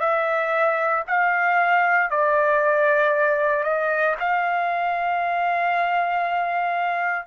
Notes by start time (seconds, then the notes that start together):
0.00 E5
1.07 F5
2.11 D5
3.63 D#5
4.20 F5